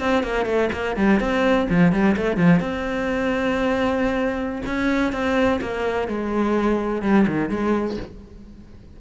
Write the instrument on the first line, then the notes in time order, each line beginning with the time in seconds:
cello
0.00 C4
0.23 A#3
0.46 A3
0.73 A#3
0.96 G3
1.20 C4
1.70 F3
1.92 G3
2.17 A3
2.37 F3
2.60 C4
4.66 C#4
5.13 C4
5.61 A#3
6.08 G#3
7.02 G3
7.27 D#3
7.49 G#3